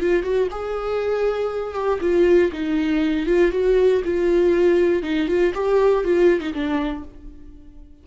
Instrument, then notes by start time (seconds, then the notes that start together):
viola
0.00 F4
0.23 F#4
0.51 G#4
1.74 G4
2.01 F4
2.52 D#4
3.26 F4
3.52 F#4
4.05 F4
5.03 D#4
5.28 F4
5.54 G4
6.04 F4
6.40 D#4
6.53 D4